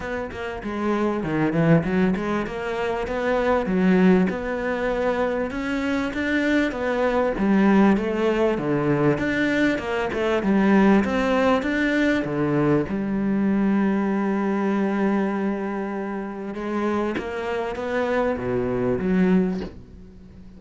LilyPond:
\new Staff \with { instrumentName = "cello" } { \time 4/4 \tempo 4 = 98 b8 ais8 gis4 dis8 e8 fis8 gis8 | ais4 b4 fis4 b4~ | b4 cis'4 d'4 b4 | g4 a4 d4 d'4 |
ais8 a8 g4 c'4 d'4 | d4 g2.~ | g2. gis4 | ais4 b4 b,4 fis4 | }